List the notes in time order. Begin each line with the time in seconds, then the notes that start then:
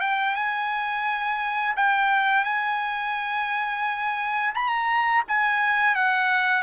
0.00 G5
0.35 G#5
1.76 G5
2.44 G#5
4.54 A#5
5.28 G#5
5.95 F#5